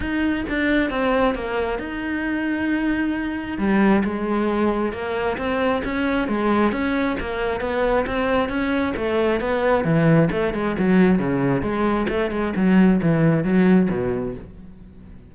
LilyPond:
\new Staff \with { instrumentName = "cello" } { \time 4/4 \tempo 4 = 134 dis'4 d'4 c'4 ais4 | dis'1 | g4 gis2 ais4 | c'4 cis'4 gis4 cis'4 |
ais4 b4 c'4 cis'4 | a4 b4 e4 a8 gis8 | fis4 cis4 gis4 a8 gis8 | fis4 e4 fis4 b,4 | }